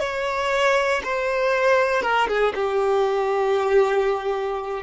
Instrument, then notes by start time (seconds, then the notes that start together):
violin
0.00 C#5
1.04 C5
2.02 A#4
2.27 G#4
2.55 G4